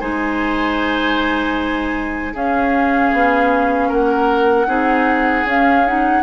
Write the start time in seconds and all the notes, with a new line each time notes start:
0.00 G#3 D#4 C5 G#5
2.33 C#4 G#4 F5
3.12 B3
3.88 A#3 A#4 F#5
4.67 C4 D#4 G#4
5.44 C#4 F5
5.86 D#4 F#5